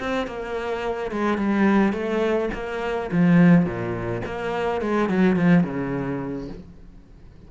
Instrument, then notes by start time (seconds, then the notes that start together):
cello
0.00 C4
0.27 A#3
1.12 G#3
1.38 G3
1.93 A3
2.54 A#3
3.12 F3
3.66 A#2
4.26 A#3
4.82 G#3
5.10 F#3
5.36 F3
5.64 C#3